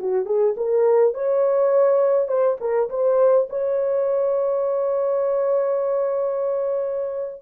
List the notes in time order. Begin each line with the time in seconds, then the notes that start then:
0.00 F#4
0.26 G#4
0.57 A#4
1.14 C#5
2.29 C5
2.61 A#4
2.90 C5
3.50 C#5